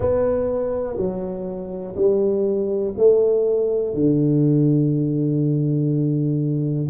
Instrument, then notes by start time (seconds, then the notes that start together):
tuba
0.00 B3
0.97 F#3
1.95 G3
2.97 A3
3.93 D3